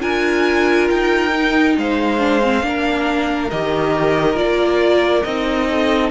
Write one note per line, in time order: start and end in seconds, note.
0.00 0.90 D4
0.00 1.30 F4
0.00 1.76 A#4
0.00 0.89 G#5
0.90 1.77 D#4
0.90 1.77 G5
1.34 2.19 D#4
1.77 2.64 G#3
1.77 2.66 C5
1.77 3.51 F5
2.19 2.41 D4
2.43 2.63 C4
2.63 3.51 A#3
2.63 3.50 D4
2.63 5.69 A#4
3.51 4.37 D#3
3.51 4.36 G4
3.51 4.38 D#5
4.36 5.24 A#3
4.36 5.23 F4
4.36 5.24 D5
5.24 6.11 C4
5.24 6.11 D#4
5.24 6.11 D#5
5.69 6.11 A4